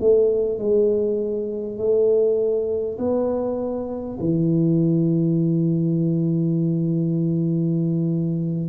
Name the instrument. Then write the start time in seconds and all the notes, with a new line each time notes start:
tuba
0.00 A3
0.58 G#3
1.78 A3
2.98 B3
4.19 E3